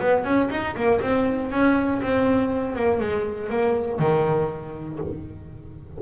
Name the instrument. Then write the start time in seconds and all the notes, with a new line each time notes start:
double bass
0.00 B3
0.24 C#4
0.50 D#4
0.75 A#3
1.01 C4
1.51 C#4
2.02 C4
2.75 A#3
3.00 G#3
3.49 A#3
3.99 D#3